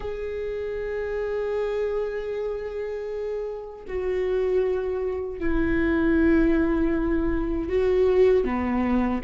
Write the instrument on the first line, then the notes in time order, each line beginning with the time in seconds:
viola
0.00 G#4
3.87 F#4
5.39 E4
7.69 F#4
8.44 B3